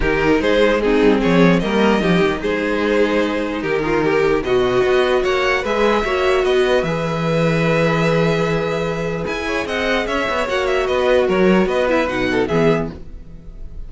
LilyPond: <<
  \new Staff \with { instrumentName = "violin" } { \time 4/4 \tempo 4 = 149 ais'4 c''4 gis'4 cis''4 | dis''2 c''2~ | c''4 ais'2 dis''4~ | dis''4 fis''4 e''2 |
dis''4 e''2.~ | e''2. gis''4 | fis''4 e''4 fis''8 e''8 dis''4 | cis''4 dis''8 e''8 fis''4 e''4 | }
  \new Staff \with { instrumentName = "violin" } { \time 4/4 g'4 gis'4 dis'4 gis'4 | ais'4 g'4 gis'2~ | gis'4 g'8 f'8 g'4 fis'4~ | fis'4 cis''4 b'4 cis''4 |
b'1~ | b'2.~ b'8 cis''8 | dis''4 cis''2 b'4 | ais'4 b'4. a'8 gis'4 | }
  \new Staff \with { instrumentName = "viola" } { \time 4/4 dis'2 c'2 | ais4 dis'2.~ | dis'2. fis'4~ | fis'2 gis'4 fis'4~ |
fis'4 gis'2.~ | gis'1~ | gis'2 fis'2~ | fis'4. e'8 dis'4 b4 | }
  \new Staff \with { instrumentName = "cello" } { \time 4/4 dis4 gis4. g8 f4 | g4 f8 dis8 gis2~ | gis4 dis2 b,4 | b4 ais4 gis4 ais4 |
b4 e2.~ | e2. e'4 | c'4 cis'8 b8 ais4 b4 | fis4 b4 b,4 e4 | }
>>